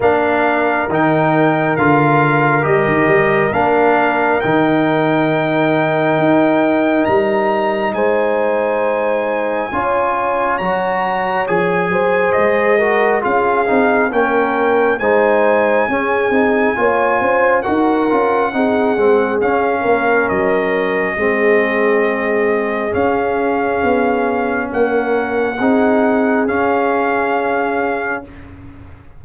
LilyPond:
<<
  \new Staff \with { instrumentName = "trumpet" } { \time 4/4 \tempo 4 = 68 f''4 g''4 f''4 dis''4 | f''4 g''2. | ais''4 gis''2. | ais''4 gis''4 dis''4 f''4 |
g''4 gis''2. | fis''2 f''4 dis''4~ | dis''2 f''2 | fis''2 f''2 | }
  \new Staff \with { instrumentName = "horn" } { \time 4/4 ais'1~ | ais'1~ | ais'4 c''2 cis''4~ | cis''4. c''4 ais'8 gis'4 |
ais'4 c''4 gis'4 cis''8 c''8 | ais'4 gis'4. ais'4. | gis'1 | ais'4 gis'2. | }
  \new Staff \with { instrumentName = "trombone" } { \time 4/4 d'4 dis'4 f'4 g'4 | d'4 dis'2.~ | dis'2. f'4 | fis'4 gis'4. fis'8 f'8 dis'8 |
cis'4 dis'4 cis'8 dis'8 f'4 | fis'8 f'8 dis'8 c'8 cis'2 | c'2 cis'2~ | cis'4 dis'4 cis'2 | }
  \new Staff \with { instrumentName = "tuba" } { \time 4/4 ais4 dis4 d4 g16 dis16 g8 | ais4 dis2 dis'4 | g4 gis2 cis'4 | fis4 f8 fis8 gis4 cis'8 c'8 |
ais4 gis4 cis'8 c'8 ais8 cis'8 | dis'8 cis'8 c'8 gis8 cis'8 ais8 fis4 | gis2 cis'4 b4 | ais4 c'4 cis'2 | }
>>